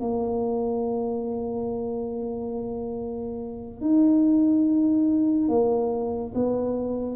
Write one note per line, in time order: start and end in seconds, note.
0.00 3.80 A#3
3.80 5.48 D#4
5.48 6.33 A#3
6.34 7.15 B3